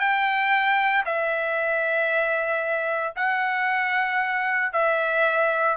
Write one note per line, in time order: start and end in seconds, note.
0.00 1.04 G5
1.06 3.14 E5
3.16 4.73 F#5
4.73 5.77 E5